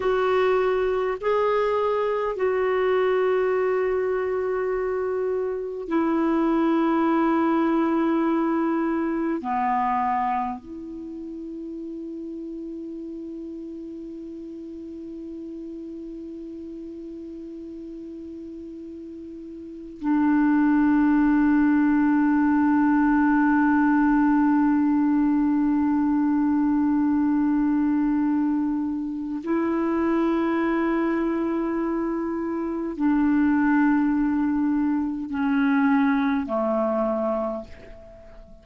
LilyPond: \new Staff \with { instrumentName = "clarinet" } { \time 4/4 \tempo 4 = 51 fis'4 gis'4 fis'2~ | fis'4 e'2. | b4 e'2.~ | e'1~ |
e'4 d'2.~ | d'1~ | d'4 e'2. | d'2 cis'4 a4 | }